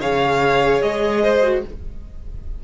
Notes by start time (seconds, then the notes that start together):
0.00 C#3 G#4 C#5 F5
0.82 G#3 D#5
1.22 C5
1.42 F#4